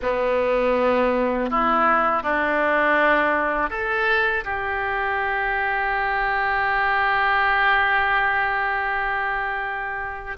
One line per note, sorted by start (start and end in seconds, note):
0.02 1.50 B3
1.50 2.23 E4
2.23 3.69 D4
3.69 4.43 A4
4.44 10.37 G4